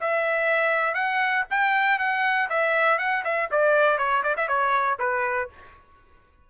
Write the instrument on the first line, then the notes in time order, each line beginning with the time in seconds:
trumpet
0.00 E5
0.94 F#5
1.50 G5
1.98 F#5
2.49 E5
2.98 F#5
3.24 E5
3.51 D5
3.98 C#5
4.23 D5
4.37 E5
4.48 C#5
4.99 B4